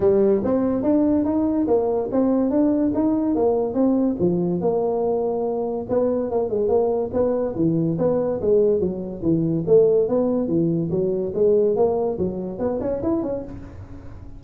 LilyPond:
\new Staff \with { instrumentName = "tuba" } { \time 4/4 \tempo 4 = 143 g4 c'4 d'4 dis'4 | ais4 c'4 d'4 dis'4 | ais4 c'4 f4 ais4~ | ais2 b4 ais8 gis8 |
ais4 b4 e4 b4 | gis4 fis4 e4 a4 | b4 e4 fis4 gis4 | ais4 fis4 b8 cis'8 e'8 cis'8 | }